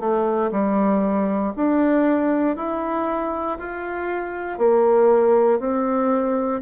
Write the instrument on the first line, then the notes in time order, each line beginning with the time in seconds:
bassoon
0.00 A3
0.52 G3
1.57 D4
2.57 E4
3.59 F4
4.59 A#3
5.60 C4